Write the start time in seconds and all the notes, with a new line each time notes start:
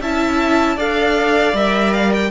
0.00 C#4 E4 E5 A5
0.76 D4 A4 D5 F5
1.53 G3 A#4 E5
1.93 F5
2.13 G5